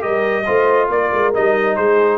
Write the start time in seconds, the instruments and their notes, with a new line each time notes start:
0.00 tuba G3, trombone G4, horn A#4, trumpet D#5
0.46 tuba A3, trombone F4, horn C5
0.89 tuba A#3, horn A#4, trumpet D5
1.13 tuba G#3
1.34 tuba G3, trombone D#4, trumpet D#5
1.76 tuba G#3, horn G#4, trumpet C5